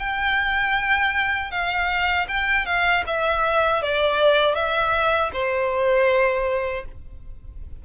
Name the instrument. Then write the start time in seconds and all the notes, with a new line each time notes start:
violin
0.00 G5
1.52 F5
2.29 G5
2.67 F5
3.07 E5
3.83 D5
4.56 E5
5.33 C5